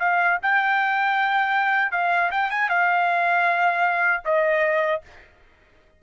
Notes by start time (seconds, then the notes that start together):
0.00 F5
0.43 G5
1.92 F5
2.31 G5
2.50 G#5
2.69 F5
4.25 D#5